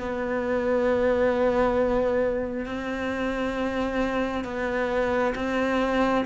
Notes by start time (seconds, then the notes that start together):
0.00 B3
2.66 C4
4.45 B3
5.35 C4